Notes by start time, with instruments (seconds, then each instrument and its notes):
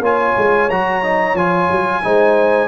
0.00 tuba A#3, trombone F4, horn C#5, trumpet G#5
0.37 tuba G#3
0.70 tuba F#3, trombone F#4, trumpet A#5
1.03 trombone D#4
1.35 tuba F3, trombone F4, trumpet G#5
1.71 tuba F#3
2.03 tuba G#3, trombone D#4, horn C5